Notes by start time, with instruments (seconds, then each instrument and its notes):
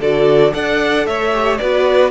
0.00 cello D3, viola F#4, violin A4 D5
0.53 cello D4, viola A4, violin D5 F#5
1.07 cello A3, violin C#5 E5
1.33 viola G4
1.58 cello B3, viola F#4, violin B4 D5